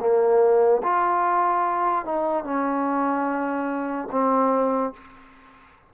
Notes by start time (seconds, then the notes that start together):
0.00 A#3
0.83 F4
2.05 D#4
2.44 C#4
4.11 C4